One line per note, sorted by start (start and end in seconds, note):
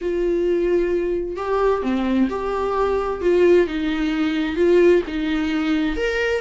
0.01 1.36 F4
1.36 1.82 G4
1.82 2.28 C4
2.29 3.21 G4
3.21 3.67 F4
3.67 4.56 D#4
4.56 5.02 F4
5.07 5.96 D#4
5.96 6.41 A#4